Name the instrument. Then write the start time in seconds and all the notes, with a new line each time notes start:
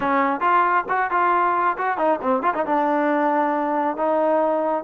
trombone
0.00 C#4
0.40 F4
0.88 F#4
1.10 F4
1.77 F#4
1.97 D#4
2.22 C4
2.42 F4
2.54 D#4
2.65 D4
3.96 D#4